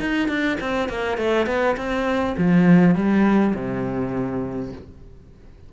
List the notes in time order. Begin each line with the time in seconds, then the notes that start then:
0.00 D#4
0.28 D4
0.60 C4
0.89 A#3
1.17 A3
1.46 B3
1.76 C4
2.37 F3
2.95 G3
3.55 C3